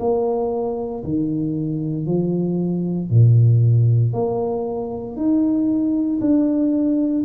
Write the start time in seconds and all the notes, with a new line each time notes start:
0.00 A#3
1.04 D#3
2.06 F3
3.10 A#2
4.13 A#3
5.16 D#4
6.21 D4